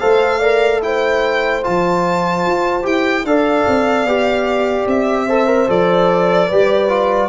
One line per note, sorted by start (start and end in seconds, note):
0.00 1.66 A3
0.00 0.42 A4
0.00 0.39 C5
0.00 0.81 F5
0.39 0.82 A#4
0.39 0.80 D5
0.82 1.63 E4
0.82 3.28 C5
0.82 1.64 G5
1.63 2.46 F3
1.63 2.83 F4
1.63 2.86 A5
2.46 2.86 F4
2.83 3.24 E4
2.83 3.24 G4
2.83 3.26 G5
3.24 3.65 D4
3.24 4.08 A4
3.24 5.27 D5
3.24 4.88 F5
3.68 4.05 C4
4.05 4.86 B3
4.05 5.29 G4
4.87 5.68 C4
4.87 5.70 E5
5.27 5.47 A4
5.27 6.48 C5
5.47 5.67 A#4
5.68 6.50 F3
5.68 6.49 A4
5.68 7.30 D5
6.48 7.30 G3
6.48 6.89 G4
6.48 7.29 B4
6.89 7.30 F4